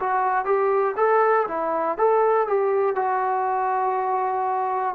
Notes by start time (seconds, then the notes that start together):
0.00 F#4
0.45 G4
0.97 A4
1.48 E4
1.98 A4
2.47 G4
2.95 F#4